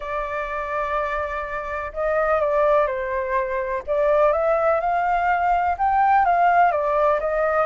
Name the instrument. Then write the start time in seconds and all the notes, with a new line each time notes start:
flute
0.00 D5
1.93 D#5
2.40 D5
2.87 C5
3.87 D5
4.32 E5
4.80 F5
5.77 G5
6.25 F5
6.71 D5
7.20 D#5